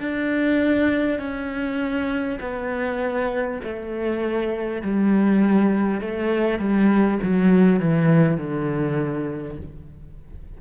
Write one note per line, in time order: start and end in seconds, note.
0.00 1.18 D4
1.18 2.38 C#4
2.40 3.60 B3
3.63 4.82 A3
4.82 6.00 G3
6.00 6.58 A3
6.58 7.18 G3
7.22 7.79 F#3
7.79 8.37 E3
8.37 9.57 D3